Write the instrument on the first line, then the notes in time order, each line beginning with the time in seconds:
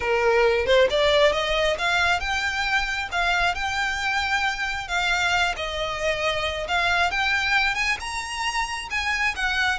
violin
0.00 A#4
0.65 C5
0.90 D5
1.32 D#5
1.78 F5
2.20 G5
3.11 F5
3.55 G5
4.88 F5
5.56 D#5
6.68 F5
7.11 G5
7.74 G#5
8.00 A#5
8.90 G#5
9.35 F#5